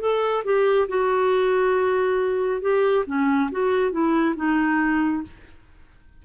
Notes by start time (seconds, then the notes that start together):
0.00 A4
0.45 G4
0.88 F#4
2.61 G4
3.06 C#4
3.51 F#4
3.91 E4
4.36 D#4